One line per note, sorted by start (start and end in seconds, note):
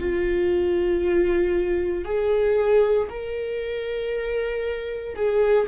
0.00 2.05 F4
2.05 3.08 G#4
3.10 5.16 A#4
5.16 5.68 G#4